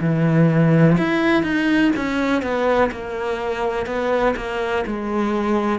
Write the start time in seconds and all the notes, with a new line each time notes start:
0.00 E3
0.97 E4
1.43 D#4
1.96 C#4
2.41 B3
2.91 A#3
3.86 B3
4.36 A#3
4.87 G#3